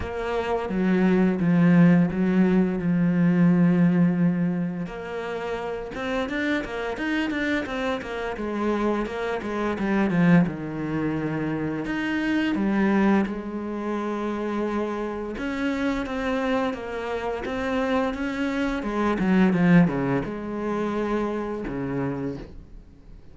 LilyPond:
\new Staff \with { instrumentName = "cello" } { \time 4/4 \tempo 4 = 86 ais4 fis4 f4 fis4 | f2. ais4~ | ais8 c'8 d'8 ais8 dis'8 d'8 c'8 ais8 | gis4 ais8 gis8 g8 f8 dis4~ |
dis4 dis'4 g4 gis4~ | gis2 cis'4 c'4 | ais4 c'4 cis'4 gis8 fis8 | f8 cis8 gis2 cis4 | }